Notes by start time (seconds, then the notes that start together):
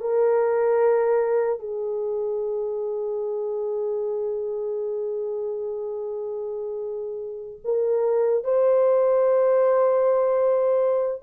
0.00 A#4
1.59 G#4
7.64 A#4
8.44 C5